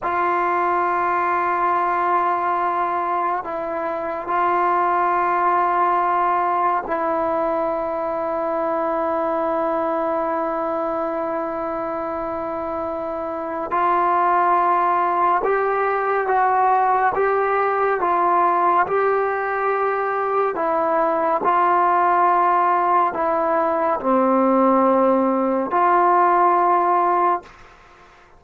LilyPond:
\new Staff \with { instrumentName = "trombone" } { \time 4/4 \tempo 4 = 70 f'1 | e'4 f'2. | e'1~ | e'1 |
f'2 g'4 fis'4 | g'4 f'4 g'2 | e'4 f'2 e'4 | c'2 f'2 | }